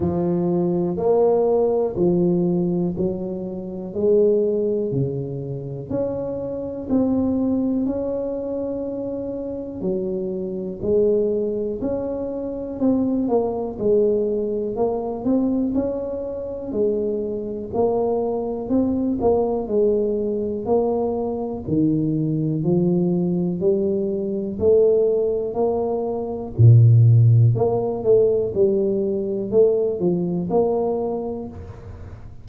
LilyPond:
\new Staff \with { instrumentName = "tuba" } { \time 4/4 \tempo 4 = 61 f4 ais4 f4 fis4 | gis4 cis4 cis'4 c'4 | cis'2 fis4 gis4 | cis'4 c'8 ais8 gis4 ais8 c'8 |
cis'4 gis4 ais4 c'8 ais8 | gis4 ais4 dis4 f4 | g4 a4 ais4 ais,4 | ais8 a8 g4 a8 f8 ais4 | }